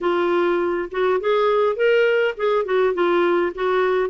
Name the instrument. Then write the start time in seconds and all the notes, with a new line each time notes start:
clarinet
0.01 F4
0.91 F#4
1.20 G#4
1.75 A#4
2.37 G#4
2.65 F#4
2.94 F4
3.54 F#4